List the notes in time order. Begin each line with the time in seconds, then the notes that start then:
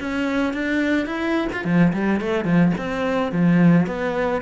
0.00 C#4
0.54 D4
1.07 E4
1.53 F4
1.65 F3
1.93 G3
2.21 A3
2.45 F3
2.78 C4
3.32 F3
3.87 B3